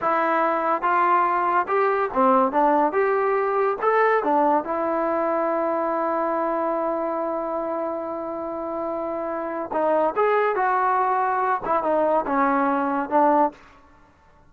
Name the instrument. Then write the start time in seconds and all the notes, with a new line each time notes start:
trombone
0.01 E4
0.81 F4
1.67 G4
2.13 C4
2.52 D4
2.92 G4
3.81 A4
4.23 D4
4.63 E4
9.72 D#4
10.16 G#4
10.55 F#4
11.65 E4
11.83 D#4
12.26 C#4
13.09 D4